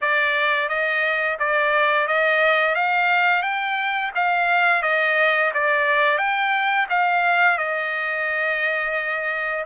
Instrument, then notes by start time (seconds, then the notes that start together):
trumpet
0.01 D5
0.69 D#5
1.39 D5
2.07 D#5
2.75 F5
3.42 G5
4.15 F5
4.82 D#5
5.54 D5
6.18 G5
6.89 F5
7.58 D#5